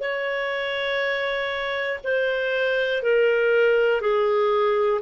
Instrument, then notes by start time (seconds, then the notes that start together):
clarinet
0.00 C#5
2.04 C5
3.03 A#4
4.01 G#4